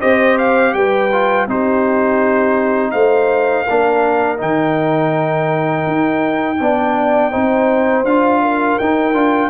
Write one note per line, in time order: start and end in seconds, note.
0.00 0.74 C4
0.00 1.10 G4
0.00 0.73 C5
0.00 0.38 D#5
0.38 0.74 F5
0.74 1.47 G3
0.74 1.49 B4
0.74 1.47 G5
1.12 1.48 F4
1.47 2.93 C4
1.47 3.68 D#4
1.47 2.92 G4
1.47 2.91 C5
2.91 3.67 A3
2.91 3.64 C5
2.91 4.37 F5
3.64 4.41 A#3
3.64 4.37 D4
3.64 6.57 A#4
4.37 5.87 D#3
4.37 6.57 D#4
4.37 8.05 G5
5.87 6.60 D#4
6.60 7.33 B3
6.60 7.32 D4
6.60 7.32 D5
7.32 8.04 C4
7.32 8.05 D#4
7.32 8.41 C5
8.04 8.77 D4
8.04 8.81 F4
8.04 8.78 F5
8.42 9.50 A#4
8.78 9.13 D#4
8.78 9.14 D#4
8.78 9.50 G5
9.13 9.50 D4
9.13 9.50 F4